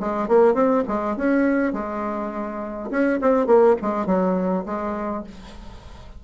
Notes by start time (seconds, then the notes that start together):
0.00 G#3
0.28 A#3
0.55 C4
0.88 G#3
1.17 C#4
1.73 G#3
2.91 C#4
3.21 C4
3.47 A#3
3.82 G#3
4.06 F#3
4.66 G#3